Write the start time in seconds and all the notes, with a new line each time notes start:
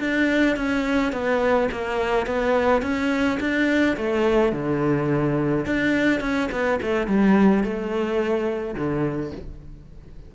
0.00 D4
0.57 C#4
1.13 B3
1.72 A#3
2.27 B3
2.82 C#4
3.40 D4
3.97 A3
4.53 D3
5.66 D4
6.21 C#4
6.52 B3
6.82 A3
7.07 G3
7.64 A3
8.75 D3